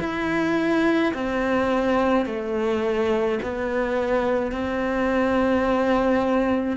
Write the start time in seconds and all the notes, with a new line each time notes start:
0.00 E4
1.14 C4
2.26 A3
3.43 B3
4.52 C4